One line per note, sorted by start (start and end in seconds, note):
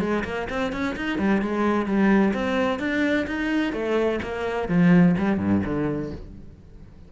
0.00 0.23 G#3
0.24 0.48 A#3
0.49 0.72 C4
0.72 0.95 C#4
0.96 1.18 D#4
1.18 1.41 G3
1.41 1.86 G#3
1.86 2.33 G3
2.34 2.79 C4
2.79 3.26 D4
3.27 3.72 D#4
3.72 4.19 A3
4.22 4.68 A#3
4.68 5.15 F3
5.18 5.38 G3
5.38 5.61 G2
5.65 6.12 D3